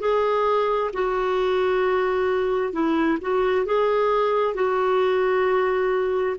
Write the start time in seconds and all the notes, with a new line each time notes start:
0.00 G#4
0.94 F#4
2.73 E4
3.22 F#4
3.66 G#4
4.55 F#4